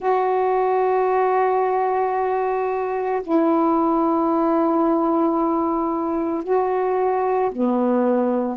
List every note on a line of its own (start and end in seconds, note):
0.00 3.21 F#4
3.22 6.43 E4
6.43 7.50 F#4
7.51 8.56 B3